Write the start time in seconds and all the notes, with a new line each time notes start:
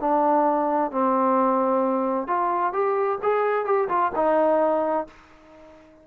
0.00 D4
0.91 C4
2.28 F4
2.73 G4
3.23 G#4
3.65 G4
3.89 F4
4.16 D#4